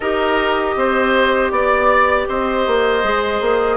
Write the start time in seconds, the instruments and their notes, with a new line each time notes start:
0.00 bassoon D#4, clarinet G4, oboe A#4, flute D#5
0.75 bassoon C4, oboe C5
1.51 bassoon B3, flute D5, oboe D5
2.28 bassoon C4, oboe C5, flute D#5
2.66 bassoon A#3
3.03 bassoon G#3, clarinet G#4
3.40 bassoon A#3